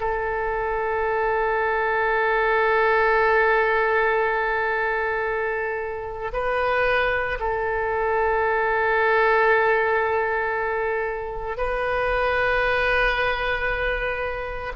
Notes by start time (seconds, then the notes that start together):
0.00 A4
6.33 B4
7.40 A4
11.57 B4